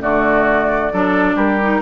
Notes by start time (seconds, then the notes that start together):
0.00 D3 A3 F#4 D5
0.92 F#3 D4 A4
1.35 G3 G4 A#4
1.61 D#4